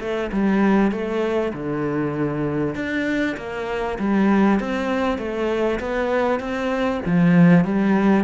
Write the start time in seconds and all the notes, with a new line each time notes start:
0.00 A3
0.32 G3
0.92 A3
1.53 D3
2.75 D4
3.37 A#3
3.99 G3
4.60 C4
5.18 A3
5.80 B3
6.40 C4
7.06 F3
7.65 G3